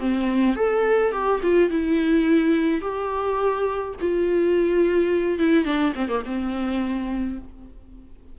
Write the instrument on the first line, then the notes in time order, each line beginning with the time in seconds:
viola
0.00 C4
0.56 A4
1.12 G4
1.43 F4
1.70 E4
2.82 G4
4.01 F4
5.39 E4
5.65 D4
5.96 C4
6.09 A#3
6.26 C4